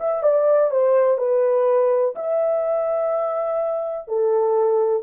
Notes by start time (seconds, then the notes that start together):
0.00 E5
0.23 D5
0.71 C5
1.18 B4
2.16 E5
4.08 A4